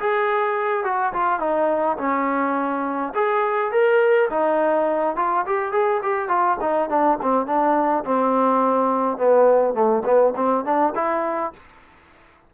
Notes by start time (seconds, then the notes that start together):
0.00 G#4
0.84 F#4
1.14 F4
1.40 D#4
1.98 C#4
3.15 G#4
3.72 A#4
4.30 D#4
5.17 F4
5.47 G4
5.72 G#4
6.03 G4
6.29 F4
6.61 D#4
6.90 D4
7.22 C4
7.47 D4
8.05 C4
9.18 B3
9.74 A3
10.05 B3
10.36 C4
10.65 D4
10.95 E4